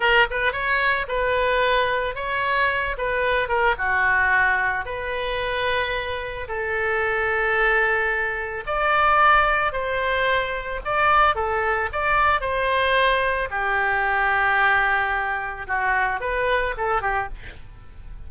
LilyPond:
\new Staff \with { instrumentName = "oboe" } { \time 4/4 \tempo 4 = 111 ais'8 b'8 cis''4 b'2 | cis''4. b'4 ais'8 fis'4~ | fis'4 b'2. | a'1 |
d''2 c''2 | d''4 a'4 d''4 c''4~ | c''4 g'2.~ | g'4 fis'4 b'4 a'8 g'8 | }